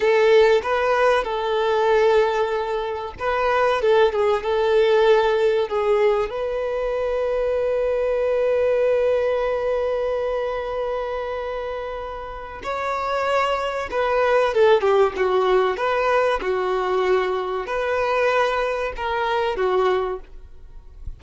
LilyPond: \new Staff \with { instrumentName = "violin" } { \time 4/4 \tempo 4 = 95 a'4 b'4 a'2~ | a'4 b'4 a'8 gis'8 a'4~ | a'4 gis'4 b'2~ | b'1~ |
b'1 | cis''2 b'4 a'8 g'8 | fis'4 b'4 fis'2 | b'2 ais'4 fis'4 | }